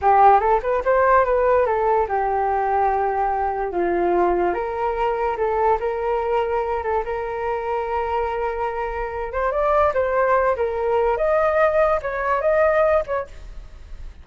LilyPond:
\new Staff \with { instrumentName = "flute" } { \time 4/4 \tempo 4 = 145 g'4 a'8 b'8 c''4 b'4 | a'4 g'2.~ | g'4 f'2 ais'4~ | ais'4 a'4 ais'2~ |
ais'8 a'8 ais'2.~ | ais'2~ ais'8 c''8 d''4 | c''4. ais'4. dis''4~ | dis''4 cis''4 dis''4. cis''8 | }